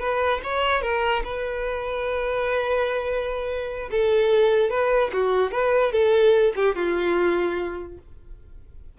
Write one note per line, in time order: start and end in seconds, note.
0.00 0.41 B4
0.44 0.82 C#5
0.82 1.23 A#4
1.24 3.90 B4
3.91 4.71 A4
4.71 5.11 B4
5.13 5.52 F#4
5.52 5.92 B4
5.92 6.54 A4
6.56 6.76 G4
6.76 7.98 F4